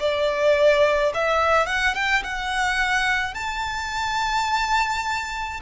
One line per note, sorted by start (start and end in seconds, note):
0.00 1.13 D5
1.15 1.67 E5
1.67 1.95 F#5
1.95 2.23 G5
2.24 3.35 F#5
3.35 5.61 A5